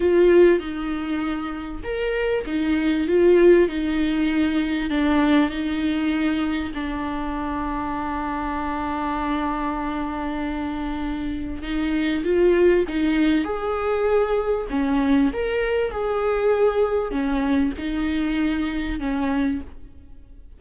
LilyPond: \new Staff \with { instrumentName = "viola" } { \time 4/4 \tempo 4 = 98 f'4 dis'2 ais'4 | dis'4 f'4 dis'2 | d'4 dis'2 d'4~ | d'1~ |
d'2. dis'4 | f'4 dis'4 gis'2 | cis'4 ais'4 gis'2 | cis'4 dis'2 cis'4 | }